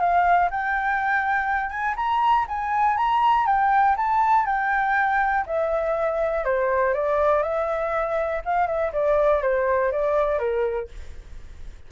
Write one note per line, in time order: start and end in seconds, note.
0.00 0.50 F5
0.50 1.70 G5
1.70 1.95 G#5
1.96 2.46 A#5
2.48 2.97 G#5
2.97 3.46 A#5
3.46 3.96 G5
3.97 4.46 A5
4.46 5.45 G5
5.46 6.44 E5
6.44 6.94 C5
6.94 7.43 D5
7.43 8.42 E5
8.45 8.67 F5
8.67 8.92 E5
8.93 9.42 D5
9.42 9.92 C5
9.92 10.39 D5
10.39 10.88 A#4